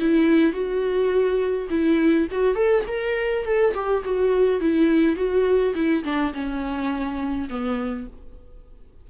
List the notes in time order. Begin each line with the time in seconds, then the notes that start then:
0.00 E4
0.53 F#4
1.70 E4
2.32 F#4
2.56 A4
2.88 A#4
3.45 A4
3.75 G4
4.05 F#4
4.61 E4
5.16 F#4
5.75 E4
6.04 D4
6.34 C#4
7.50 B3